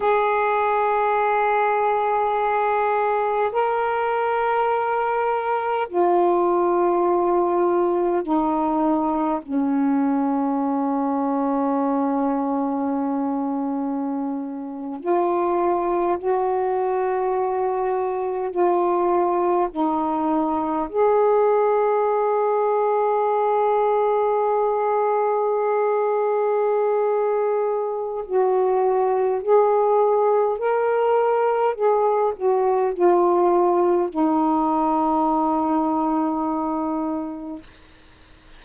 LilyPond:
\new Staff \with { instrumentName = "saxophone" } { \time 4/4 \tempo 4 = 51 gis'2. ais'4~ | ais'4 f'2 dis'4 | cis'1~ | cis'8. f'4 fis'2 f'16~ |
f'8. dis'4 gis'2~ gis'16~ | gis'1 | fis'4 gis'4 ais'4 gis'8 fis'8 | f'4 dis'2. | }